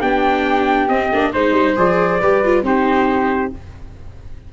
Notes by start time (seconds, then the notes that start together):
0.00 B3 D4 G4 G5
0.89 C4 D#5
1.13 A#3 D4
1.33 G#3 D#4 C5
1.52 G3
1.77 F3 G#4 D5
2.20 G3 G4 B4
2.45 F4
2.63 C4 D#4 G4 C5